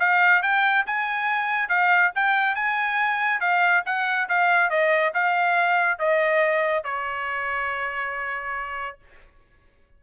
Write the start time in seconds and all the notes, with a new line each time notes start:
0.00 F5
0.43 G5
0.87 G#5
1.69 F5
2.15 G5
2.56 G#5
3.41 F5
3.86 F#5
4.29 F5
4.70 D#5
5.14 F5
5.99 D#5
6.85 C#5